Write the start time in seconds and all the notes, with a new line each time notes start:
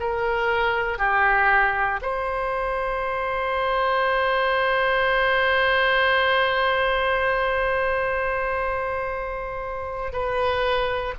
0.00 A#4
0.99 G4
2.02 C5
10.13 B4